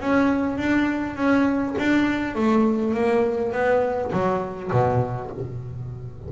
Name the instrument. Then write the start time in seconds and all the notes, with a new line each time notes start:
double bass
0.00 C#4
0.57 D4
1.16 C#4
1.78 D4
2.35 A3
2.94 A#3
3.52 B3
4.12 F#3
4.71 B2